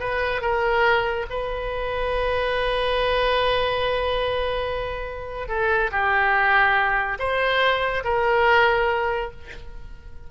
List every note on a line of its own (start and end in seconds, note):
0.00 0.42 B4
0.42 1.26 A#4
1.30 5.49 B4
5.49 5.91 A4
5.92 7.18 G4
7.19 8.04 C5
8.05 9.31 A#4